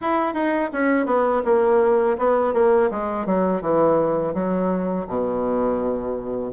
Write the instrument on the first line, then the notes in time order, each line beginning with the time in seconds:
bassoon
0.01 E4
0.34 D#4
0.73 C#4
1.05 B3
1.45 A#3
2.18 B3
2.53 A#3
2.90 G#3
3.26 F#3
3.61 E3
4.34 F#3
5.07 B2